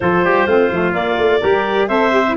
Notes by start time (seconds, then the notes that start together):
0.00 F3 F4 A4 C5
0.23 G3 G4
0.46 A3 C4 F4
0.70 F3 A3
0.92 A#3 D5
1.17 A3
1.40 G3 G4 A#4
1.88 C4 A4 C5 E5
2.11 G4
2.28 E4